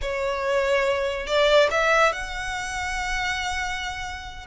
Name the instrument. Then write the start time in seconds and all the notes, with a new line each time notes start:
violin
0.01 C#5
1.26 D5
1.71 E5
2.12 F#5